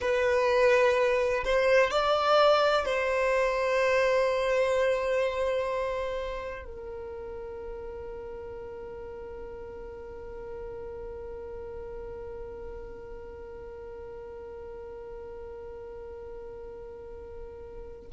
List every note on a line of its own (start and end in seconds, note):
0.00 1.43 B4
1.44 1.90 C5
1.90 2.85 D5
2.85 6.64 C5
6.64 18.07 A#4